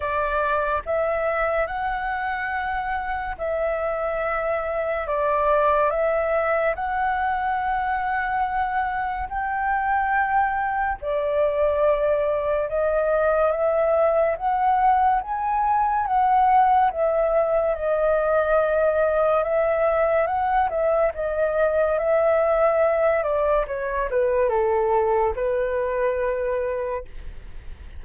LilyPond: \new Staff \with { instrumentName = "flute" } { \time 4/4 \tempo 4 = 71 d''4 e''4 fis''2 | e''2 d''4 e''4 | fis''2. g''4~ | g''4 d''2 dis''4 |
e''4 fis''4 gis''4 fis''4 | e''4 dis''2 e''4 | fis''8 e''8 dis''4 e''4. d''8 | cis''8 b'8 a'4 b'2 | }